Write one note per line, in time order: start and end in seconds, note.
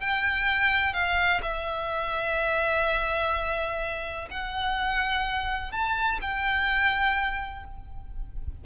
0.00 0.93 G5
0.93 1.41 F5
1.42 4.28 E5
4.31 5.72 F#5
5.72 6.19 A5
6.21 7.64 G5